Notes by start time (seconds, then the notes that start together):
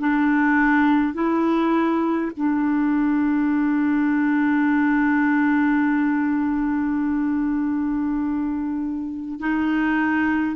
0.00 D4
1.14 E4
2.37 D4
9.40 D#4